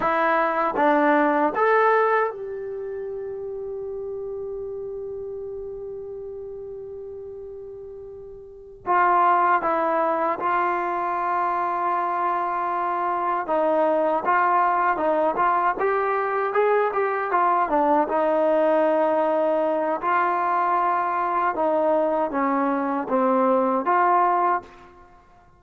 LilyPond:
\new Staff \with { instrumentName = "trombone" } { \time 4/4 \tempo 4 = 78 e'4 d'4 a'4 g'4~ | g'1~ | g'2.~ g'8 f'8~ | f'8 e'4 f'2~ f'8~ |
f'4. dis'4 f'4 dis'8 | f'8 g'4 gis'8 g'8 f'8 d'8 dis'8~ | dis'2 f'2 | dis'4 cis'4 c'4 f'4 | }